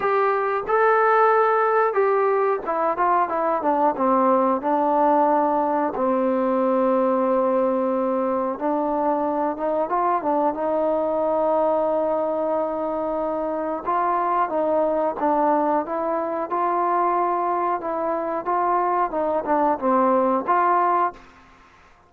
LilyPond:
\new Staff \with { instrumentName = "trombone" } { \time 4/4 \tempo 4 = 91 g'4 a'2 g'4 | e'8 f'8 e'8 d'8 c'4 d'4~ | d'4 c'2.~ | c'4 d'4. dis'8 f'8 d'8 |
dis'1~ | dis'4 f'4 dis'4 d'4 | e'4 f'2 e'4 | f'4 dis'8 d'8 c'4 f'4 | }